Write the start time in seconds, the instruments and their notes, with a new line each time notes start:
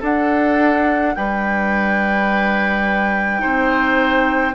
0.00 bassoon D4, clarinet D4, oboe A4, flute F#5
1.15 bassoon G3, oboe B4, flute G5
3.38 bassoon C4, clarinet D#4, oboe C5